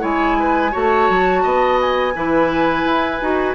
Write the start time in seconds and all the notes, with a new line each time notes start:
0.00 G#3 E4 C#5 G#5
0.39 B4
0.71 A3 F#4 C#5 A5
1.09 F#3
1.42 B3 D#5
1.81 G#5
2.15 E3 E4 B4
2.85 E4
3.21 D#4 F#4